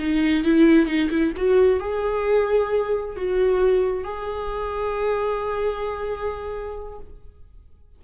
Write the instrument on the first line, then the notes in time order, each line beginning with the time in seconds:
viola
0.00 D#4
0.45 E4
0.87 D#4
1.11 E4
1.37 F#4
1.80 G#4
3.17 F#4
4.04 G#4